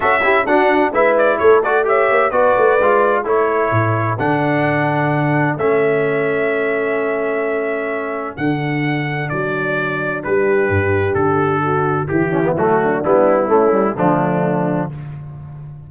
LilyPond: <<
  \new Staff \with { instrumentName = "trumpet" } { \time 4/4 \tempo 4 = 129 e''4 fis''4 e''8 d''8 cis''8 d''8 | e''4 d''2 cis''4~ | cis''4 fis''2. | e''1~ |
e''2 fis''2 | d''2 b'2 | a'2 g'4 fis'4 | e'2 d'2 | }
  \new Staff \with { instrumentName = "horn" } { \time 4/4 a'8 g'8 fis'4 b'4 a'4 | cis''4 b'2 a'4~ | a'1~ | a'1~ |
a'1~ | a'2 g'2~ | g'4 fis'4 e'4. d'8~ | d'4 cis'4 a2 | }
  \new Staff \with { instrumentName = "trombone" } { \time 4/4 fis'8 e'8 d'4 e'4. fis'8 | g'4 fis'4 f'4 e'4~ | e'4 d'2. | cis'1~ |
cis'2 d'2~ | d'1~ | d'2~ d'8 cis'16 b16 a4 | b4 a8 g8 f2 | }
  \new Staff \with { instrumentName = "tuba" } { \time 4/4 cis'4 d'4 gis4 a4~ | a8 ais8 b8 a8 gis4 a4 | a,4 d2. | a1~ |
a2 d2 | fis2 g4 g,4 | d2 e4 fis4 | g4 a4 d2 | }
>>